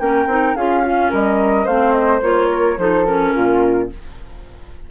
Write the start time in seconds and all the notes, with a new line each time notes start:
0.00 A#3 C#4 A#4 G5
0.27 C4 D#4
0.56 C#4 F4 G#4 F5
0.83 C#4 F4
1.11 G3 A#4 D#5
1.65 A3 C4 C5 F5
1.92 D#5
2.22 A#3 F4 C#5
2.51 A#4
2.78 F3 D#4 A4 C5
3.06 C#4 A#4
3.34 A#2 F4